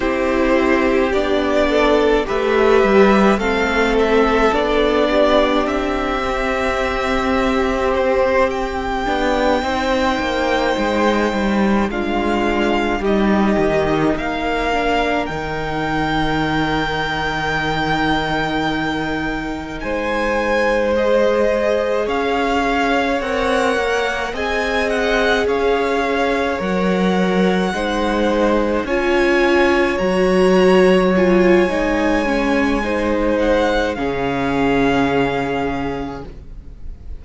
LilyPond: <<
  \new Staff \with { instrumentName = "violin" } { \time 4/4 \tempo 4 = 53 c''4 d''4 e''4 f''8 e''8 | d''4 e''2 c''8 g''8~ | g''2~ g''8 f''4 dis''8~ | dis''8 f''4 g''2~ g''8~ |
g''4. gis''4 dis''4 f''8~ | f''8 fis''4 gis''8 fis''8 f''4 fis''8~ | fis''4. gis''4 ais''4 gis''8~ | gis''4. fis''8 f''2 | }
  \new Staff \with { instrumentName = "violin" } { \time 4/4 g'4. a'8 b'4 a'4~ | a'8 g'2.~ g'8~ | g'8 c''2 f'4 g'8~ | g'8 ais'2.~ ais'8~ |
ais'4. c''2 cis''8~ | cis''4. dis''4 cis''4.~ | cis''8 c''4 cis''2~ cis''8~ | cis''4 c''4 gis'2 | }
  \new Staff \with { instrumentName = "viola" } { \time 4/4 e'4 d'4 g'4 c'4 | d'4. c'2~ c'8 | d'8 dis'2 d'4 dis'8~ | dis'4 d'8 dis'2~ dis'8~ |
dis'2~ dis'8 gis'4.~ | gis'8 ais'4 gis'2 ais'8~ | ais'8 dis'4 f'4 fis'4 f'8 | dis'8 cis'8 dis'4 cis'2 | }
  \new Staff \with { instrumentName = "cello" } { \time 4/4 c'4 b4 a8 g8 a4 | b4 c'2. | b8 c'8 ais8 gis8 g8 gis4 g8 | dis8 ais4 dis2~ dis8~ |
dis4. gis2 cis'8~ | cis'8 c'8 ais8 c'4 cis'4 fis8~ | fis8 gis4 cis'4 fis4. | gis2 cis2 | }
>>